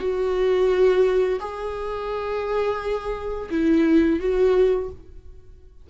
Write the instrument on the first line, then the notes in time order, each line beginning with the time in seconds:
viola
0.00 F#4
1.40 G#4
3.50 E4
4.20 F#4